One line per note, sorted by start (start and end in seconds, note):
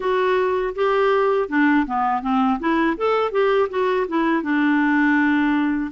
0.00 0.73 F#4
0.75 1.48 G4
1.48 1.86 D4
1.86 2.22 B3
2.22 2.59 C4
2.59 2.96 E4
2.97 3.31 A4
3.31 3.68 G4
3.69 4.06 F#4
4.07 4.42 E4
4.42 5.91 D4